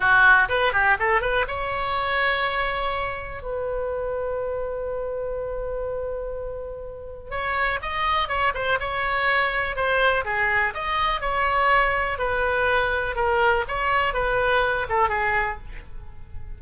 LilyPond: \new Staff \with { instrumentName = "oboe" } { \time 4/4 \tempo 4 = 123 fis'4 b'8 g'8 a'8 b'8 cis''4~ | cis''2. b'4~ | b'1~ | b'2. cis''4 |
dis''4 cis''8 c''8 cis''2 | c''4 gis'4 dis''4 cis''4~ | cis''4 b'2 ais'4 | cis''4 b'4. a'8 gis'4 | }